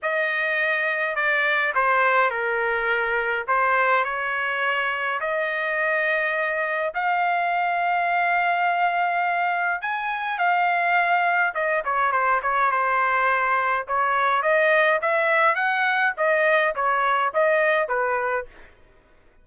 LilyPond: \new Staff \with { instrumentName = "trumpet" } { \time 4/4 \tempo 4 = 104 dis''2 d''4 c''4 | ais'2 c''4 cis''4~ | cis''4 dis''2. | f''1~ |
f''4 gis''4 f''2 | dis''8 cis''8 c''8 cis''8 c''2 | cis''4 dis''4 e''4 fis''4 | dis''4 cis''4 dis''4 b'4 | }